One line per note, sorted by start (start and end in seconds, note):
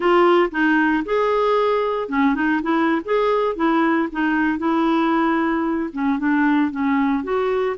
0.00 0.50 F4
0.51 1.03 D#4
1.05 2.09 G#4
2.09 2.34 C#4
2.34 2.61 D#4
2.62 3.01 E4
3.04 3.55 G#4
3.55 4.08 E4
4.11 4.58 D#4
4.58 5.89 E4
5.93 6.18 C#4
6.18 6.71 D4
6.71 7.23 C#4
7.23 7.76 F#4